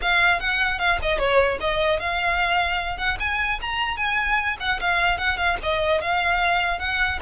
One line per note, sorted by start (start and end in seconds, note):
0.01 0.39 F5
0.39 0.78 F#5
0.78 0.98 F5
1.02 1.18 D#5
1.18 1.58 C#5
1.60 1.99 D#5
1.99 2.97 F5
2.97 3.17 F#5
3.19 3.59 G#5
3.61 3.97 A#5
3.97 4.57 G#5
4.60 4.80 F#5
4.80 5.18 F5
5.18 5.37 F#5
5.37 5.57 F5
5.62 6.01 D#5
6.01 6.79 F5
6.79 7.19 F#5